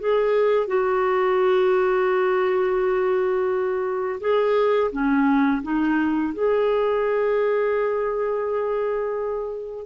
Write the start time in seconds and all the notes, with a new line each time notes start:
0.00 G#4
0.67 F#4
4.21 G#4
4.92 C#4
5.63 D#4
6.34 G#4